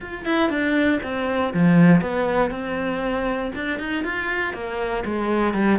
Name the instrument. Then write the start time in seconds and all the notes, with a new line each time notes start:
cello
0.00 F4
0.25 E4
0.49 D4
1.02 C4
1.53 F3
2.01 B3
2.50 C4
3.55 D4
3.79 D#4
4.03 F4
4.53 A#3
5.04 G#3
5.54 G3